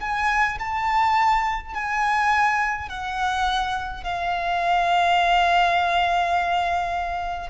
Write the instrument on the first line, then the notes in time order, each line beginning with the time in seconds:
violin
0.00 G#5
0.59 A5
1.74 G#5
2.88 F#5
4.03 F5